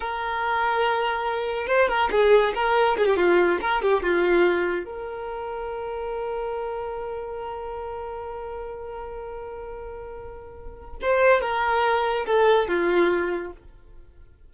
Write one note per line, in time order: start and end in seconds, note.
0.00 1.67 A#4
1.67 1.88 C5
1.88 2.09 A#4
2.11 2.53 G#4
2.54 2.97 A#4
2.97 3.05 G#4
3.05 3.16 G4
3.16 3.58 F4
3.61 3.82 A#4
3.82 4.02 G4
4.02 4.84 F4
4.84 10.97 A#4
11.01 11.41 C5
11.41 12.25 A#4
12.26 12.67 A4
12.67 13.52 F4